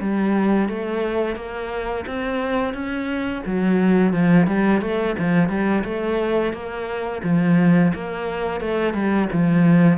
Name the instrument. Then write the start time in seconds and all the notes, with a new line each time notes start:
cello
0.00 G3
0.68 A3
1.35 A#3
2.06 C4
2.73 C#4
3.45 F#3
4.13 F3
4.46 G3
4.81 A3
5.18 F3
5.49 G3
5.84 A3
6.52 A#3
7.23 F3
7.94 A#3
8.60 A3
8.93 G3
9.32 F3